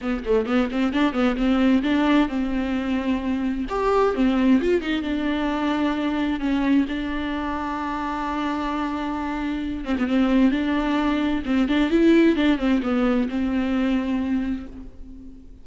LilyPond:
\new Staff \with { instrumentName = "viola" } { \time 4/4 \tempo 4 = 131 b8 a8 b8 c'8 d'8 b8 c'4 | d'4 c'2. | g'4 c'4 f'8 dis'8 d'4~ | d'2 cis'4 d'4~ |
d'1~ | d'4. c'16 b16 c'4 d'4~ | d'4 c'8 d'8 e'4 d'8 c'8 | b4 c'2. | }